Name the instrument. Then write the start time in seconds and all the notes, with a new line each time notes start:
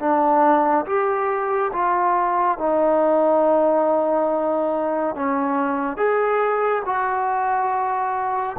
trombone
0.00 D4
0.86 G4
1.73 F4
2.58 D#4
5.15 C#4
5.97 G#4
6.86 F#4